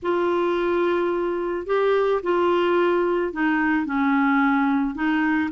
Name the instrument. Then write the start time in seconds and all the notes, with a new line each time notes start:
clarinet
0.02 F4
1.66 G4
2.23 F4
3.32 D#4
3.85 C#4
4.94 D#4